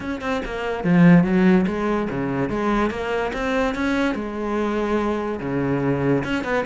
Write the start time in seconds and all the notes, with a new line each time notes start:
0.00 C#4
0.21 C4
0.45 A#3
0.84 F3
1.23 F#3
1.66 G#3
2.10 C#3
2.49 G#3
2.90 A#3
3.33 C4
3.75 C#4
4.14 G#3
5.40 C#3
6.23 C#4
6.43 B3